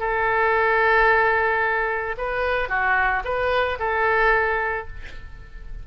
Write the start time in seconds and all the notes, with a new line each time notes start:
0.00 A4
2.18 B4
2.69 F#4
3.25 B4
3.80 A4